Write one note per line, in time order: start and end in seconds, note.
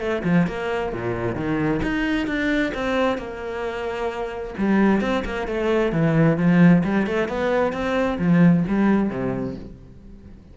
0.00 0.23 A3
0.25 0.48 F3
0.48 0.93 A#3
0.93 1.36 A#2
1.36 1.81 D#3
1.83 2.27 D#4
2.27 2.73 D4
2.75 3.18 C4
3.18 4.55 A#3
4.58 5.01 G3
5.01 5.24 C4
5.25 5.48 A#3
5.48 5.93 A3
5.93 6.38 E3
6.38 6.83 F3
6.85 7.07 G3
7.07 7.29 A3
7.29 7.73 B3
7.73 8.18 C4
8.19 8.64 F3
8.68 9.10 G3
9.10 9.55 C3